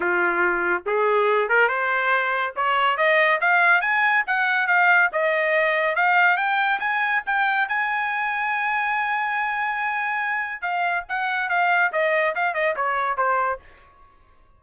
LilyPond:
\new Staff \with { instrumentName = "trumpet" } { \time 4/4 \tempo 4 = 141 f'2 gis'4. ais'8 | c''2 cis''4 dis''4 | f''4 gis''4 fis''4 f''4 | dis''2 f''4 g''4 |
gis''4 g''4 gis''2~ | gis''1~ | gis''4 f''4 fis''4 f''4 | dis''4 f''8 dis''8 cis''4 c''4 | }